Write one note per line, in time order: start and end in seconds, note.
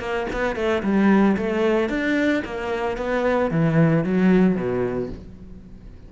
0.00 0.27 A#3
0.33 0.56 B3
0.56 0.83 A3
0.83 1.37 G3
1.37 1.89 A3
1.89 2.43 D4
2.45 2.97 A#3
2.97 3.51 B3
3.51 4.04 E3
4.04 4.56 F#3
4.56 5.09 B2